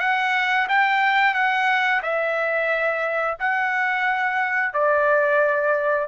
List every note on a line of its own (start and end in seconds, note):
0.00 0.67 F#5
0.69 1.34 G5
1.34 2.02 F#5
2.03 3.38 E5
3.40 4.74 F#5
4.74 6.09 D5